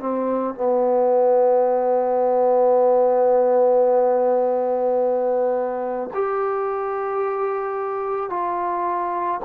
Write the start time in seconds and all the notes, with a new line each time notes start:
0.00 C4
0.55 B3
6.14 G4
8.30 F4